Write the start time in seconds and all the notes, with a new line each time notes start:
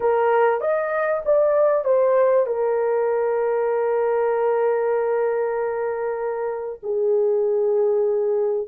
0.00 A#4
0.60 D#5
1.25 D5
1.84 C5
2.46 A#4
6.82 G#4